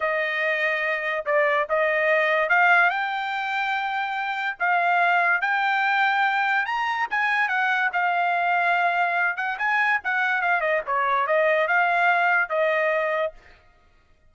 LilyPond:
\new Staff \with { instrumentName = "trumpet" } { \time 4/4 \tempo 4 = 144 dis''2. d''4 | dis''2 f''4 g''4~ | g''2. f''4~ | f''4 g''2. |
ais''4 gis''4 fis''4 f''4~ | f''2~ f''8 fis''8 gis''4 | fis''4 f''8 dis''8 cis''4 dis''4 | f''2 dis''2 | }